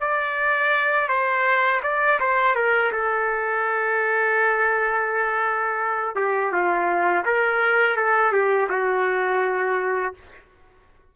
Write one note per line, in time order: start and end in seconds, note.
0.00 1.08 D5
1.08 1.80 C5
1.83 2.19 D5
2.20 2.55 C5
2.55 2.91 A#4
2.92 6.15 A4
6.15 6.52 G4
6.52 7.24 F4
7.25 7.96 A#4
7.96 8.32 A4
8.32 8.68 G4
8.69 10.14 F#4